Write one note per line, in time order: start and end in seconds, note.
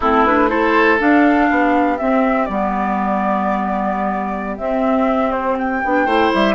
0.00 1.00 A3
0.00 0.26 C4
0.00 0.49 E4
0.00 0.24 A4
0.24 0.48 D4
0.24 0.49 B4
0.48 0.98 E4
0.48 1.48 A4
0.48 0.98 C5
0.99 1.98 D4
0.99 1.50 D4
0.99 1.98 F5
1.49 2.00 B3
1.49 6.05 G4
1.98 2.49 C4
1.98 2.48 C4
1.98 2.45 E5
2.45 4.59 G3
2.45 4.59 B3
2.45 4.56 D5
4.57 5.83 C4
4.57 5.31 E5
5.31 5.56 C5
5.58 6.33 G5
5.85 6.06 B3
5.85 6.06 D4
6.05 6.30 A3
6.05 6.55 E4
6.05 6.54 C5
6.34 6.55 G3
6.34 6.55 E5